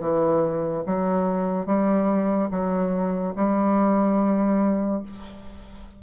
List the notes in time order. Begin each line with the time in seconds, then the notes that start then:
0.00 E3
0.86 F#3
1.66 G3
2.51 F#3
3.36 G3